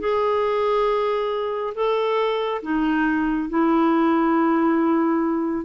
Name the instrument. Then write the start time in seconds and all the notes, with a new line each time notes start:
clarinet
0.00 G#4
1.75 A4
2.63 D#4
3.49 E4